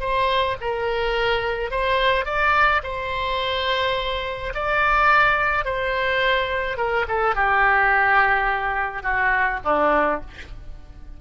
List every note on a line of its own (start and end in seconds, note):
0.00 0.57 C5
0.61 1.71 A#4
1.71 2.25 C5
2.25 2.82 D5
2.84 4.53 C5
4.54 5.65 D5
5.65 6.77 C5
6.77 7.06 A#4
7.08 7.35 A4
7.35 9.03 G4
9.03 9.60 F#4
9.65 10.21 D4